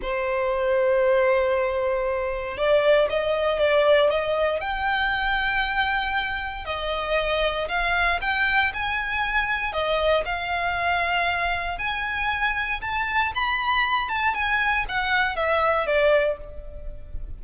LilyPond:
\new Staff \with { instrumentName = "violin" } { \time 4/4 \tempo 4 = 117 c''1~ | c''4 d''4 dis''4 d''4 | dis''4 g''2.~ | g''4 dis''2 f''4 |
g''4 gis''2 dis''4 | f''2. gis''4~ | gis''4 a''4 b''4. a''8 | gis''4 fis''4 e''4 d''4 | }